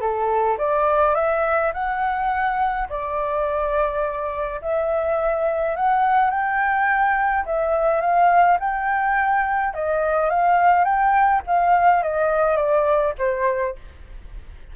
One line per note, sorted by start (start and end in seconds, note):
0.00 0.57 A4
0.58 1.15 D5
1.15 1.72 E5
1.73 2.88 F#5
2.89 4.60 D5
4.61 5.76 E5
5.76 6.30 F#5
6.30 7.45 G5
7.45 8.01 E5
8.01 8.58 F5
8.59 9.74 G5
9.74 10.30 D#5
10.30 10.84 F5
10.84 11.41 G5
11.46 12.03 F5
12.03 12.56 D#5
12.56 13.13 D5
13.18 13.76 C5